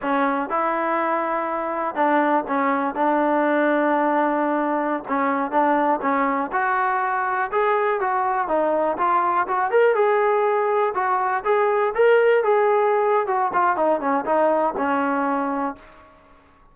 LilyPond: \new Staff \with { instrumentName = "trombone" } { \time 4/4 \tempo 4 = 122 cis'4 e'2. | d'4 cis'4 d'2~ | d'2~ d'16 cis'4 d'8.~ | d'16 cis'4 fis'2 gis'8.~ |
gis'16 fis'4 dis'4 f'4 fis'8 ais'16~ | ais'16 gis'2 fis'4 gis'8.~ | gis'16 ais'4 gis'4.~ gis'16 fis'8 f'8 | dis'8 cis'8 dis'4 cis'2 | }